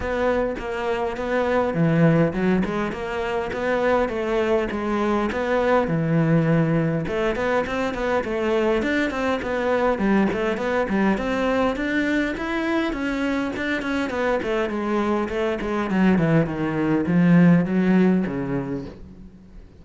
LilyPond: \new Staff \with { instrumentName = "cello" } { \time 4/4 \tempo 4 = 102 b4 ais4 b4 e4 | fis8 gis8 ais4 b4 a4 | gis4 b4 e2 | a8 b8 c'8 b8 a4 d'8 c'8 |
b4 g8 a8 b8 g8 c'4 | d'4 e'4 cis'4 d'8 cis'8 | b8 a8 gis4 a8 gis8 fis8 e8 | dis4 f4 fis4 cis4 | }